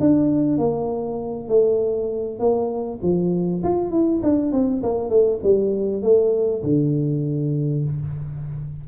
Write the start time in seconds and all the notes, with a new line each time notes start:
0.00 D4
0.58 A#3
1.48 A3
2.39 A#3
3.02 F3
3.63 F4
3.91 E4
4.23 D4
4.52 C4
4.83 A#3
5.09 A3
5.43 G3
6.02 A3
6.63 D3